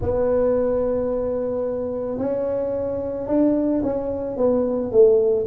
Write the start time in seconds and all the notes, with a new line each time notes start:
0.01 B3
2.18 C#4
3.27 D4
3.82 C#4
4.36 B3
4.91 A3